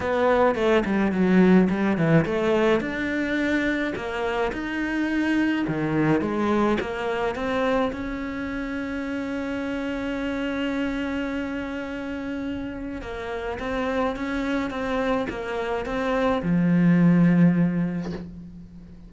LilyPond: \new Staff \with { instrumentName = "cello" } { \time 4/4 \tempo 4 = 106 b4 a8 g8 fis4 g8 e8 | a4 d'2 ais4 | dis'2 dis4 gis4 | ais4 c'4 cis'2~ |
cis'1~ | cis'2. ais4 | c'4 cis'4 c'4 ais4 | c'4 f2. | }